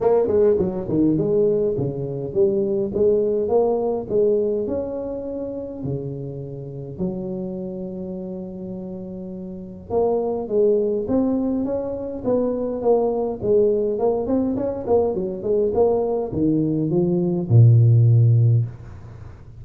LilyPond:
\new Staff \with { instrumentName = "tuba" } { \time 4/4 \tempo 4 = 103 ais8 gis8 fis8 dis8 gis4 cis4 | g4 gis4 ais4 gis4 | cis'2 cis2 | fis1~ |
fis4 ais4 gis4 c'4 | cis'4 b4 ais4 gis4 | ais8 c'8 cis'8 ais8 fis8 gis8 ais4 | dis4 f4 ais,2 | }